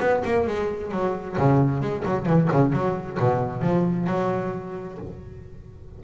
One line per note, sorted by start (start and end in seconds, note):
0.00 0.23 B3
0.24 0.47 A#3
0.47 0.91 G#3
0.91 1.36 F#3
1.37 1.81 C#3
1.81 2.04 G#3
2.05 2.25 F#3
2.25 2.48 E3
2.51 2.72 C#3
2.72 3.18 F#3
3.19 3.61 B2
3.61 4.07 F3
4.07 4.98 F#3